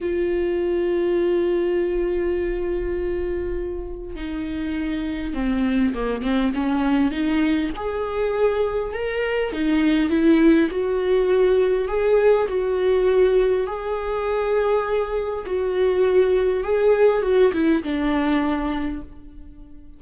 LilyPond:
\new Staff \with { instrumentName = "viola" } { \time 4/4 \tempo 4 = 101 f'1~ | f'2. dis'4~ | dis'4 c'4 ais8 c'8 cis'4 | dis'4 gis'2 ais'4 |
dis'4 e'4 fis'2 | gis'4 fis'2 gis'4~ | gis'2 fis'2 | gis'4 fis'8 e'8 d'2 | }